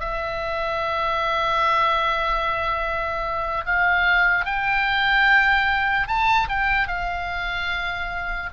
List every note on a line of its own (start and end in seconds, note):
0.00 3.65 E5
3.66 4.46 F5
4.46 6.08 G5
6.08 6.48 A5
6.49 6.87 G5
6.87 8.50 F5